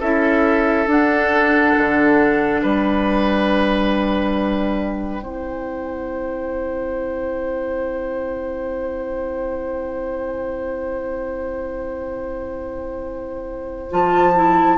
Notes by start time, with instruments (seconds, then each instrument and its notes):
0.00 bassoon C#4, clarinet E4, oboe A4, flute E5
0.87 bassoon D4, clarinet D4, flute F#5
1.78 bassoon D3
2.62 bassoon G3, oboe B4, flute G5
5.22 bassoon C4, clarinet E4, oboe C5
13.90 bassoon F3, clarinet F4, flute A5
14.35 clarinet E4